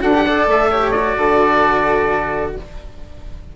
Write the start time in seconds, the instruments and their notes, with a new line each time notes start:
0.00 bassoon D4, cello F#4, flute A4, oboe F#5
0.14 cello G4
0.24 cello A4, flute D5
0.47 bassoon A3, oboe E5
0.71 cello G4, flute C#5
0.91 cello F#4, oboe D5
1.17 bassoon D3, flute A4